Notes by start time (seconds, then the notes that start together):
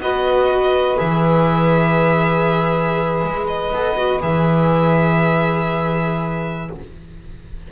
0.00 B3 F#4 B4 D#5
0.98 E3 G#4 E5
3.24 G#3
3.47 D#5
3.72 B3 A4
3.97 F#4
4.20 E3 G#4 E5